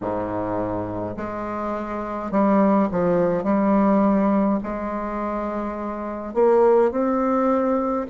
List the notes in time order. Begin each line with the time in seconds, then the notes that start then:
0.01 G#2
1.16 G#3
2.31 G3
2.91 F3
3.43 G3
4.63 G#3
6.34 A#3
6.91 C4